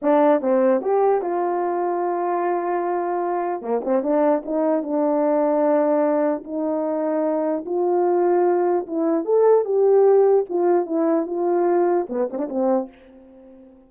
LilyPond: \new Staff \with { instrumentName = "horn" } { \time 4/4 \tempo 4 = 149 d'4 c'4 g'4 f'4~ | f'1~ | f'4 ais8 c'8 d'4 dis'4 | d'1 |
dis'2. f'4~ | f'2 e'4 a'4 | g'2 f'4 e'4 | f'2 b8 c'16 d'16 c'4 | }